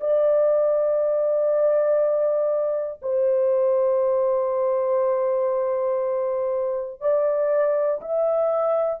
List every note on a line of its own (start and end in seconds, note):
0.00 3.00 D5
3.02 7.00 C5
7.00 8.00 D5
8.00 9.00 E5